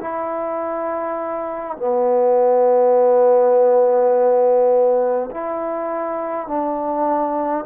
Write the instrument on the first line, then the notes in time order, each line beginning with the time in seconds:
trombone
0.00 E4
1.76 B3
5.31 E4
6.47 D4